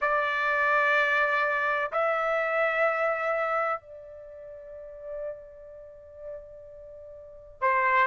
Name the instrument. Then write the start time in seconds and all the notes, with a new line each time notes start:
trumpet
0.01 D5
1.92 E5
3.80 D5
7.61 C5